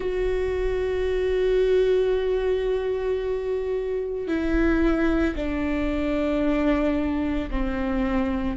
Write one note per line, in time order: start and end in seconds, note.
0.00 4.27 F#4
4.27 5.34 E4
5.35 7.50 D4
7.50 8.57 C4